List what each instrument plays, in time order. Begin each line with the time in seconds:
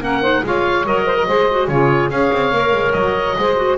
0.00 double bass A#3, clarinet C#4, saxophone A#4, oboe F#5
0.21 clarinet D#4, saxophone C5
0.44 double bass G#3, clarinet F4, saxophone C#5, oboe F5
0.85 double bass F#3, clarinet A#4, oboe D#5
1.06 saxophone C5
1.16 saxophone A#4
1.27 double bass G#3, clarinet G#4, saxophone C5
1.51 clarinet F#4
1.68 double bass C#3, clarinet F4, saxophone G#4, oboe C#5
2.10 double bass C#4, clarinet G#4, saxophone C#5, oboe F5
2.33 double bass C4
2.52 double bass A#3, clarinet A#4
2.73 double bass G#3
2.93 double bass F#3, oboe D#5
3.38 double bass G#3, clarinet G#4, saxophone C5
3.57 clarinet F#4